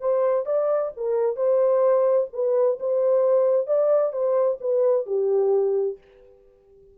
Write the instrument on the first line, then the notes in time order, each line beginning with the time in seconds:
horn
0.00 C5
0.46 D5
0.96 A#4
1.36 C5
2.33 B4
2.80 C5
3.67 D5
4.12 C5
4.61 B4
5.06 G4